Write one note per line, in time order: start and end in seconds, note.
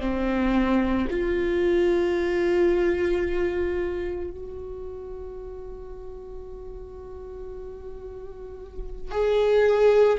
0.00 1.07 C4
1.10 4.31 F4
4.31 9.11 F#4
9.11 10.18 G#4